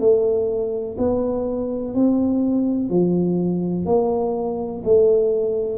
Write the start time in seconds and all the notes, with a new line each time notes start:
0.00 A3
0.98 B3
1.95 C4
2.90 F3
3.86 A#3
4.85 A3